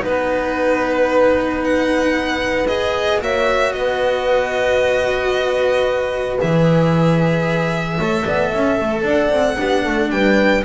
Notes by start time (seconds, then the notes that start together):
0.00 B3 D#4 B4
1.64 F#5
2.67 G#4 D#5
3.20 A#3 F#4 C#5 E5
3.73 B3 B4 D#5
6.39 E3 G#4 E5
7.98 A3 A4 C#5
8.25 B3 D5
8.49 C#4 E5
8.80 A3
9.03 D4 D5
9.09 F#5
9.30 C4
9.56 B3 D4 G4
9.82 A3 A4
10.11 G3 B4 G5